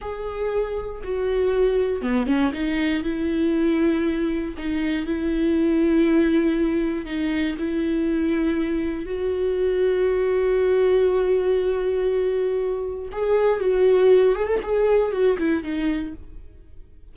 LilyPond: \new Staff \with { instrumentName = "viola" } { \time 4/4 \tempo 4 = 119 gis'2 fis'2 | b8 cis'8 dis'4 e'2~ | e'4 dis'4 e'2~ | e'2 dis'4 e'4~ |
e'2 fis'2~ | fis'1~ | fis'2 gis'4 fis'4~ | fis'8 gis'16 a'16 gis'4 fis'8 e'8 dis'4 | }